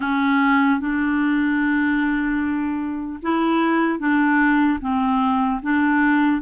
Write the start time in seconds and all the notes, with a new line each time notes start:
0.00 C#4
0.80 D4
3.22 E4
3.99 D4
4.80 C4
5.62 D4